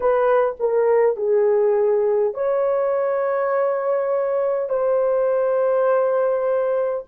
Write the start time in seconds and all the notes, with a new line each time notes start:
0.00 B4
0.59 A#4
1.16 G#4
2.34 C#5
4.69 C5